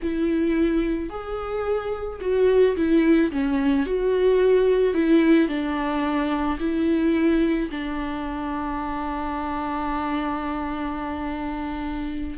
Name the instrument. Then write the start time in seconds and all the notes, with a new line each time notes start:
viola
0.02 E4
1.09 G#4
2.20 F#4
2.76 E4
3.31 C#4
3.86 F#4
4.94 E4
5.48 D4
6.59 E4
7.70 D4